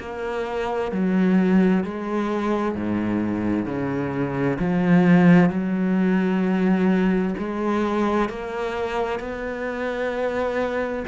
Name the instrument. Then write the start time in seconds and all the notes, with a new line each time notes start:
cello
0.00 A#3
0.92 F#3
1.84 G#3
2.76 G#2
3.66 C#3
4.60 F3
5.50 F#3
7.38 G#3
8.30 A#3
9.20 B3